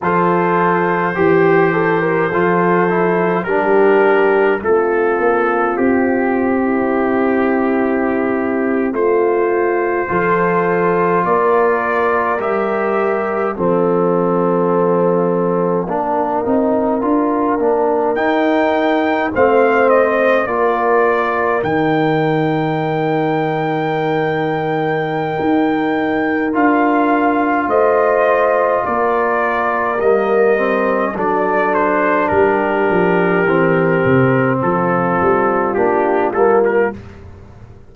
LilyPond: <<
  \new Staff \with { instrumentName = "trumpet" } { \time 4/4 \tempo 4 = 52 c''2. ais'4 | a'4 g'2~ g'8. c''16~ | c''4.~ c''16 d''4 e''4 f''16~ | f''2.~ f''8. g''16~ |
g''8. f''8 dis''8 d''4 g''4~ g''16~ | g''2. f''4 | dis''4 d''4 dis''4 d''8 c''8 | ais'2 a'4 g'8 a'16 ais'16 | }
  \new Staff \with { instrumentName = "horn" } { \time 4/4 a'4 g'8 a'16 ais'16 a'4 g'4 | f'4.~ f'16 e'2 f'16~ | f'8. a'4 ais'2 a'16~ | a'4.~ a'16 ais'2~ ais'16~ |
ais'8. c''4 ais'2~ ais'16~ | ais'1 | c''4 ais'2 a'4 | g'2 f'2 | }
  \new Staff \with { instrumentName = "trombone" } { \time 4/4 f'4 g'4 f'8 e'8 d'4 | c'1~ | c'8. f'2 g'4 c'16~ | c'4.~ c'16 d'8 dis'8 f'8 d'8 dis'16~ |
dis'8. c'4 f'4 dis'4~ dis'16~ | dis'2. f'4~ | f'2 ais8 c'8 d'4~ | d'4 c'2 d'8 ais8 | }
  \new Staff \with { instrumentName = "tuba" } { \time 4/4 f4 e4 f4 g4 | a8 ais8 c'2~ c'8. a16~ | a8. f4 ais4 g4 f16~ | f4.~ f16 ais8 c'8 d'8 ais8 dis'16~ |
dis'8. a4 ais4 dis4~ dis16~ | dis2 dis'4 d'4 | a4 ais4 g4 fis4 | g8 f8 e8 c8 f8 g8 ais8 g8 | }
>>